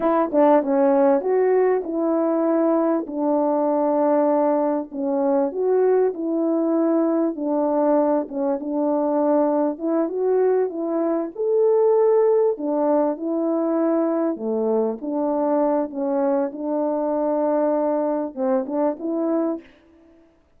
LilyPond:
\new Staff \with { instrumentName = "horn" } { \time 4/4 \tempo 4 = 98 e'8 d'8 cis'4 fis'4 e'4~ | e'4 d'2. | cis'4 fis'4 e'2 | d'4. cis'8 d'2 |
e'8 fis'4 e'4 a'4.~ | a'8 d'4 e'2 a8~ | a8 d'4. cis'4 d'4~ | d'2 c'8 d'8 e'4 | }